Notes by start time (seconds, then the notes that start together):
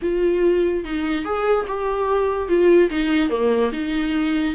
0.02 F4
0.84 D#4
1.24 G#4
1.67 G4
2.48 F4
2.89 D#4
3.29 A#3
3.72 D#4